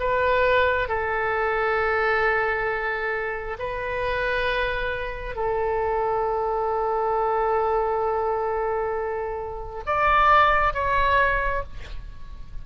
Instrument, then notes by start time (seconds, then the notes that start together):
oboe
0.00 B4
0.89 A4
3.59 B4
5.36 A4
9.86 D5
10.74 C#5